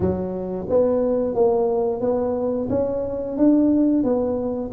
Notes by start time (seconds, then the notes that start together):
0.00 F#3
0.69 B3
1.35 A#3
2.00 B3
2.69 C#4
3.37 D4
4.03 B3